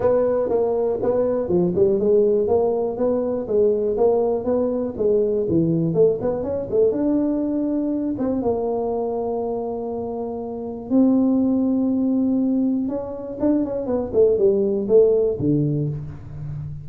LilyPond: \new Staff \with { instrumentName = "tuba" } { \time 4/4 \tempo 4 = 121 b4 ais4 b4 f8 g8 | gis4 ais4 b4 gis4 | ais4 b4 gis4 e4 | a8 b8 cis'8 a8 d'2~ |
d'8 c'8 ais2.~ | ais2 c'2~ | c'2 cis'4 d'8 cis'8 | b8 a8 g4 a4 d4 | }